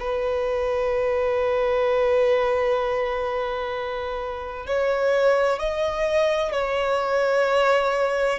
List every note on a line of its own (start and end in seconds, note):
0.00 4.67 B4
4.67 5.60 C#5
5.60 6.52 D#5
6.52 8.39 C#5